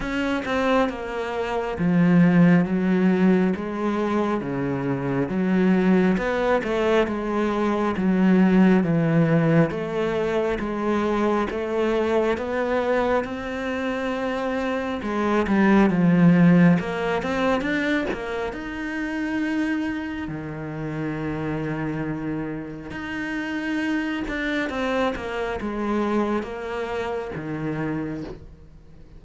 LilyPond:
\new Staff \with { instrumentName = "cello" } { \time 4/4 \tempo 4 = 68 cis'8 c'8 ais4 f4 fis4 | gis4 cis4 fis4 b8 a8 | gis4 fis4 e4 a4 | gis4 a4 b4 c'4~ |
c'4 gis8 g8 f4 ais8 c'8 | d'8 ais8 dis'2 dis4~ | dis2 dis'4. d'8 | c'8 ais8 gis4 ais4 dis4 | }